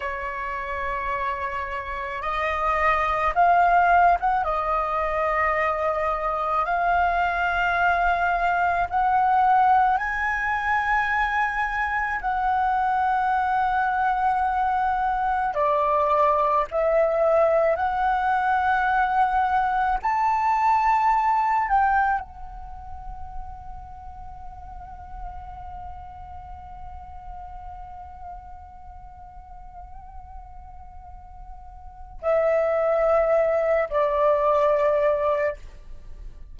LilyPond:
\new Staff \with { instrumentName = "flute" } { \time 4/4 \tempo 4 = 54 cis''2 dis''4 f''8. fis''16 | dis''2 f''2 | fis''4 gis''2 fis''4~ | fis''2 d''4 e''4 |
fis''2 a''4. g''8 | fis''1~ | fis''1~ | fis''4 e''4. d''4. | }